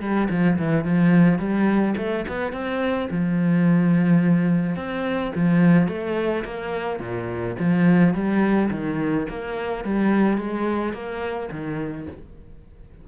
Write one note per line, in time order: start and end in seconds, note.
0.00 0.28 G3
0.30 0.58 F3
0.58 0.84 E3
0.84 1.39 F3
1.39 1.95 G3
1.97 2.25 A3
2.28 2.52 B3
2.52 3.08 C4
3.10 4.76 F3
4.76 5.32 C4
5.35 5.88 F3
5.88 6.44 A3
6.44 7.00 A#3
7.00 7.56 A#2
7.59 8.14 F3
8.14 8.70 G3
8.71 9.27 D#3
9.29 9.84 A#3
9.84 10.38 G3
10.38 10.93 G#3
10.93 11.49 A#3
11.51 12.07 D#3